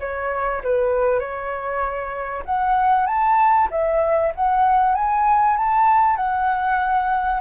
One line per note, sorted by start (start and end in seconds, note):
0.00 0.62 C#5
0.64 1.19 B4
1.19 2.43 C#5
2.45 3.07 F#5
3.07 3.69 A5
3.71 4.33 E5
4.35 4.95 F#5
4.95 5.57 G#5
5.57 6.17 A5
6.17 7.40 F#5